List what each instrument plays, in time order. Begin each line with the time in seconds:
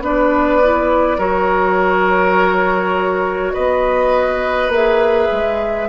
0.00 bassoon B3, clarinet D4, oboe B4, flute D5
0.62 clarinet E4
1.18 bassoon F#3, clarinet F#4, oboe A#4, flute C#5
3.53 bassoon B3, oboe B4, flute D#5
4.69 bassoon A#3, clarinet G#4, flute E5
5.32 bassoon G#3